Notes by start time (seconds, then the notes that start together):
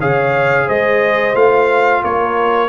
0.00 C#3 G#4 C#5 F5
0.66 G#3 C5 D#5
1.35 A3 F4 F5
2.04 A#3 A#4 C#5